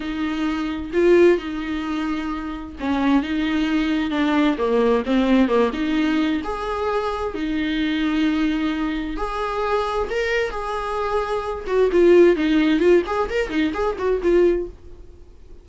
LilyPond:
\new Staff \with { instrumentName = "viola" } { \time 4/4 \tempo 4 = 131 dis'2 f'4 dis'4~ | dis'2 cis'4 dis'4~ | dis'4 d'4 ais4 c'4 | ais8 dis'4. gis'2 |
dis'1 | gis'2 ais'4 gis'4~ | gis'4. fis'8 f'4 dis'4 | f'8 gis'8 ais'8 dis'8 gis'8 fis'8 f'4 | }